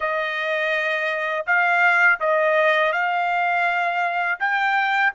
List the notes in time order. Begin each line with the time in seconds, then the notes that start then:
0.00 D#5
1.46 F5
2.20 D#5
2.92 F5
4.39 G5